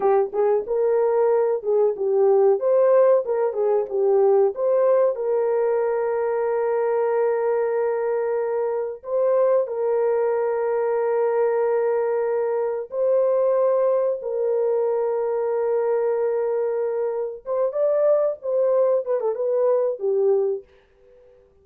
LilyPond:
\new Staff \with { instrumentName = "horn" } { \time 4/4 \tempo 4 = 93 g'8 gis'8 ais'4. gis'8 g'4 | c''4 ais'8 gis'8 g'4 c''4 | ais'1~ | ais'2 c''4 ais'4~ |
ais'1 | c''2 ais'2~ | ais'2. c''8 d''8~ | d''8 c''4 b'16 a'16 b'4 g'4 | }